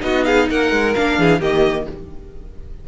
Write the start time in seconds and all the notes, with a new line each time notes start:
0.00 B3 D#4 F#4 D#5
0.25 G#4 F5
0.50 A#3 A#4 F#5
0.72 G#3
0.95 A#3 D4 F5
1.19 E3 G#4
1.41 D#3 A#3 G4 D#5